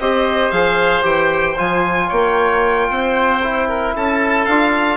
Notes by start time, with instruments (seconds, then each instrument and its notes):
0.00 bassoon C4, trombone G4, oboe C5, violin D#5
0.51 bassoon F3, trombone G#4, violin F5
1.03 bassoon E3, trombone G4, violin G5
1.57 bassoon F3, trombone F4, violin G#5
2.08 bassoon A#3, oboe C#5, violin G5
2.90 bassoon C4, oboe C5
3.44 trombone E4
3.69 oboe A#4
3.96 bassoon C#4, oboe A4, violin A5
4.45 bassoon D4, trombone F4, violin F5